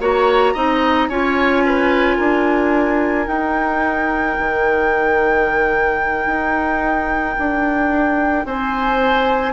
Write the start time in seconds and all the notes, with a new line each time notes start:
0.00 A#3 F#4 C#5 A#5
0.54 C4 D#4 D#5
1.09 C#4 F4 C#5 G#5
1.65 B4
2.17 D4 A#4
3.26 D#4 G5
4.38 D#3
6.26 D#4
7.39 D4
8.45 C4 C5 G#5